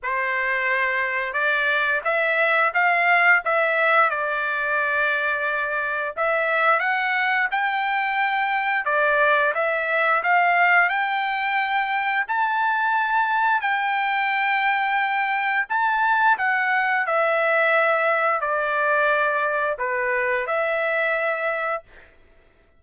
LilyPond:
\new Staff \with { instrumentName = "trumpet" } { \time 4/4 \tempo 4 = 88 c''2 d''4 e''4 | f''4 e''4 d''2~ | d''4 e''4 fis''4 g''4~ | g''4 d''4 e''4 f''4 |
g''2 a''2 | g''2. a''4 | fis''4 e''2 d''4~ | d''4 b'4 e''2 | }